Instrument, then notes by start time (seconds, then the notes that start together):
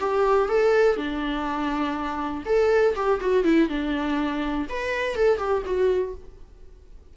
viola
0.00 G4
0.49 A4
0.97 D4
2.46 A4
2.95 G4
3.21 F#4
3.44 E4
3.69 D4
4.69 B4
5.16 A4
5.38 G4
5.65 F#4